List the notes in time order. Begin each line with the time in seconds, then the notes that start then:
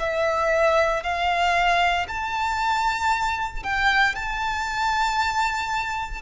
0.00 E5
1.03 F5
2.09 A5
3.64 G5
4.16 A5